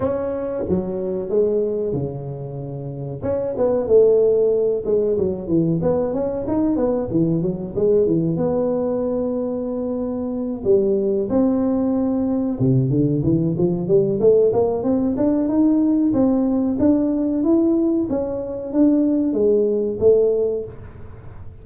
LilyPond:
\new Staff \with { instrumentName = "tuba" } { \time 4/4 \tempo 4 = 93 cis'4 fis4 gis4 cis4~ | cis4 cis'8 b8 a4. gis8 | fis8 e8 b8 cis'8 dis'8 b8 e8 fis8 | gis8 e8 b2.~ |
b8 g4 c'2 c8 | d8 e8 f8 g8 a8 ais8 c'8 d'8 | dis'4 c'4 d'4 e'4 | cis'4 d'4 gis4 a4 | }